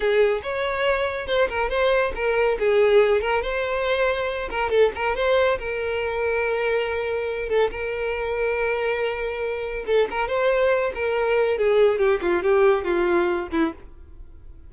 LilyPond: \new Staff \with { instrumentName = "violin" } { \time 4/4 \tempo 4 = 140 gis'4 cis''2 c''8 ais'8 | c''4 ais'4 gis'4. ais'8 | c''2~ c''8 ais'8 a'8 ais'8 | c''4 ais'2.~ |
ais'4. a'8 ais'2~ | ais'2. a'8 ais'8 | c''4. ais'4. gis'4 | g'8 f'8 g'4 f'4. e'8 | }